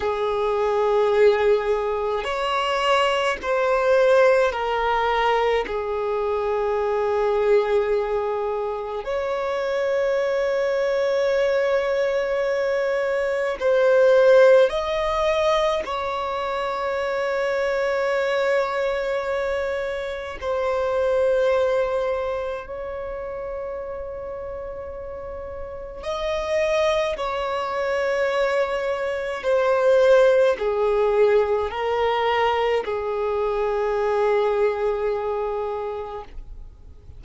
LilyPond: \new Staff \with { instrumentName = "violin" } { \time 4/4 \tempo 4 = 53 gis'2 cis''4 c''4 | ais'4 gis'2. | cis''1 | c''4 dis''4 cis''2~ |
cis''2 c''2 | cis''2. dis''4 | cis''2 c''4 gis'4 | ais'4 gis'2. | }